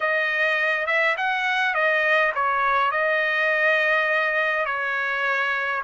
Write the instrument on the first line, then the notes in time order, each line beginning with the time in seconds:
trumpet
0.00 D#5
0.86 E5
1.17 F#5
1.74 D#5
2.34 C#5
2.91 D#5
4.65 C#5